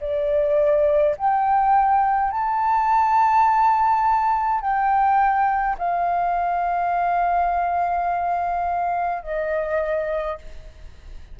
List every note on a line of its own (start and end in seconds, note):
0.00 1.15 D5
1.17 2.31 G5
2.31 4.60 A5
4.60 5.76 G5
5.78 9.23 F5
9.23 10.38 D#5